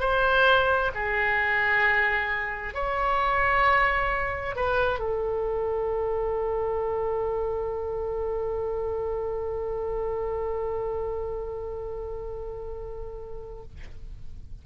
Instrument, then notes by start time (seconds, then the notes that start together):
oboe
0.00 C5
0.94 G#4
2.74 C#5
4.56 B4
5.00 A4